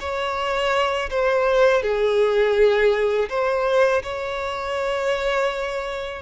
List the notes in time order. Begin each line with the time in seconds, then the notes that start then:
0.00 C#5
1.10 C5
1.82 G#4
3.29 C5
4.03 C#5